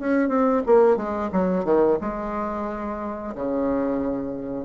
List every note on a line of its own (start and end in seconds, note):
0.00 0.29 C#4
0.29 0.62 C4
0.67 0.97 A#3
0.97 1.30 G#3
1.32 1.65 F#3
1.65 1.98 D#3
2.01 3.35 G#3
3.35 4.65 C#3